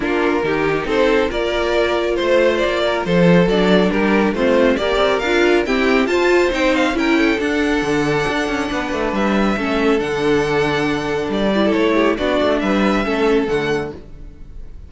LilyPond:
<<
  \new Staff \with { instrumentName = "violin" } { \time 4/4 \tempo 4 = 138 ais'2 c''4 d''4~ | d''4 c''4 d''4 c''4 | d''4 ais'4 c''4 d''4 | f''4 g''4 a''4 g''8 f''8 |
g''4 fis''2.~ | fis''4 e''2 fis''4~ | fis''2 d''4 cis''4 | d''4 e''2 fis''4 | }
  \new Staff \with { instrumentName = "violin" } { \time 4/4 f'4 g'4 a'4 ais'4~ | ais'4 c''4. ais'8 a'4~ | a'4 g'4 f'4 ais'4~ | ais'4 g'4 c''2 |
ais'8 a'2.~ a'8 | b'2 a'2~ | a'2~ a'8 b'16 a'8. g'8 | fis'4 b'4 a'2 | }
  \new Staff \with { instrumentName = "viola" } { \time 4/4 d'4 dis'2 f'4~ | f'1 | d'2 c'4 g'4 | f'4 c'4 f'4 dis'4 |
e'4 d'2.~ | d'2 cis'4 d'4~ | d'2~ d'8 e'4. | d'2 cis'4 a4 | }
  \new Staff \with { instrumentName = "cello" } { \time 4/4 ais4 dis4 c'4 ais4~ | ais4 a4 ais4 f4 | fis4 g4 a4 ais8 c'8 | d'4 e'4 f'4 c'4 |
cis'4 d'4 d4 d'8 cis'8 | b8 a8 g4 a4 d4~ | d2 g4 a4 | b8 a8 g4 a4 d4 | }
>>